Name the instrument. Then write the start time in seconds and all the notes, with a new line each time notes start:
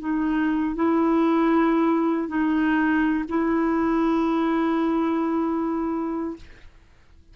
clarinet
0.00 D#4
0.76 E4
2.28 D#4
3.29 E4